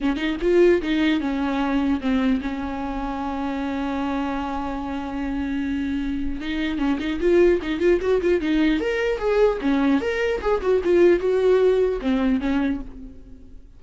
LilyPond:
\new Staff \with { instrumentName = "viola" } { \time 4/4 \tempo 4 = 150 cis'8 dis'8 f'4 dis'4 cis'4~ | cis'4 c'4 cis'2~ | cis'1~ | cis'1 |
dis'4 cis'8 dis'8 f'4 dis'8 f'8 | fis'8 f'8 dis'4 ais'4 gis'4 | cis'4 ais'4 gis'8 fis'8 f'4 | fis'2 c'4 cis'4 | }